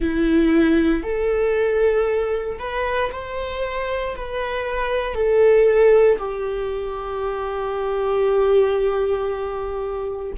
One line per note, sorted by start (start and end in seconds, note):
0.00 1.03 E4
1.03 2.58 A4
2.59 3.10 B4
3.12 4.15 C5
4.16 5.14 B4
5.14 6.17 A4
6.18 10.32 G4